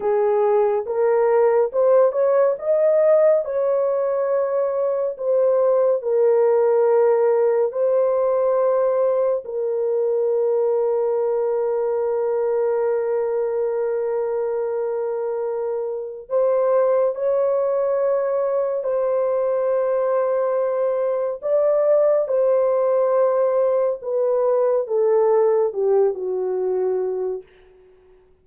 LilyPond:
\new Staff \with { instrumentName = "horn" } { \time 4/4 \tempo 4 = 70 gis'4 ais'4 c''8 cis''8 dis''4 | cis''2 c''4 ais'4~ | ais'4 c''2 ais'4~ | ais'1~ |
ais'2. c''4 | cis''2 c''2~ | c''4 d''4 c''2 | b'4 a'4 g'8 fis'4. | }